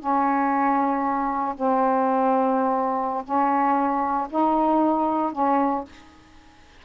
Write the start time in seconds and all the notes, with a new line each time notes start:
0.00 C#4
1.56 C4
3.25 C#4
4.30 D#4
5.33 C#4